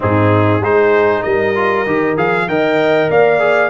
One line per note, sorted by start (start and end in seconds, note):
0.00 0.60 G#2
0.00 0.62 C4
0.00 0.61 D#4
0.00 0.63 G#4
0.60 1.22 G#3
0.60 1.55 D#4
0.60 1.23 G#4
0.60 1.22 C5
1.22 1.86 G3
1.22 2.47 A#4
1.22 2.15 D#5
1.55 1.86 F4
1.86 2.17 D#3
1.86 2.16 G4
2.16 2.47 F3
2.16 2.47 G#4
2.16 2.48 F5
2.47 3.09 D#3
2.47 3.39 A#4
2.47 3.10 D#5
2.47 3.10 G5
3.10 3.69 A#3
3.10 3.69 D5
3.10 3.69 F5
3.39 3.69 G#4